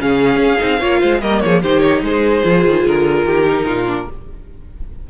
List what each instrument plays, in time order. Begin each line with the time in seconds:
0.00 cello C#3, viola C#4, violin G#4 F5
0.37 cello C#4
0.58 cello C4, viola D#4
0.79 cello A#3, viola F4, violin C#5
1.01 cello G#3, violin C5
1.21 cello G3, viola A#3, violin A#4 D#5
1.40 cello F3, violin G#4 C#5
1.62 cello D#3, viola D#4, violin G4 C5
1.80 violin C#5
2.02 cello G#3, violin G#4 C5
2.44 cello F3, viola F4
2.65 cello D#3
2.87 cello D3, violin A#4
3.24 cello D#3, violin G4
3.46 viola D#4
3.66 cello A#2, violin F4
3.87 viola D4